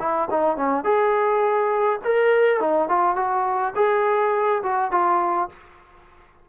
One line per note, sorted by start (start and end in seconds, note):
0.00 0.29 E4
0.31 0.57 D#4
0.57 0.85 C#4
0.85 2.00 G#4
2.05 2.61 A#4
2.61 2.89 D#4
2.89 3.17 F4
3.17 3.74 F#4
3.76 4.63 G#4
4.63 4.92 F#4
4.92 5.50 F4